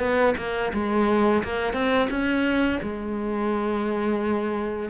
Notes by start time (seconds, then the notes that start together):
0.00 B3
0.37 A#3
0.74 G#3
1.44 A#3
1.73 C4
2.10 C#4
2.83 G#3